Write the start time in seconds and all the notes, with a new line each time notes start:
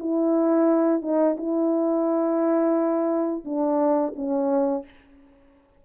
0.00 E4
1.02 D#4
1.38 E4
3.45 D4
4.16 C#4